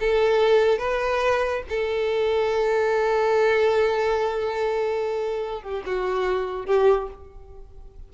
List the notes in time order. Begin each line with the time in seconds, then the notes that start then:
0.00 A4
0.79 B4
1.69 A4
5.63 G4
5.86 F#4
6.66 G4